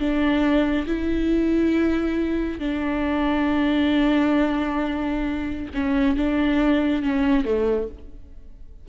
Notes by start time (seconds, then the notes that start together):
0.00 D4
0.87 E4
2.60 D4
5.74 C#4
6.17 D4
7.03 C#4
7.45 A3